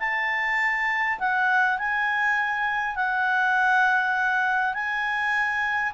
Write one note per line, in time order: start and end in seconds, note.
0.00 1.19 A5
1.20 1.78 F#5
1.78 2.96 G#5
2.96 4.74 F#5
4.74 5.93 G#5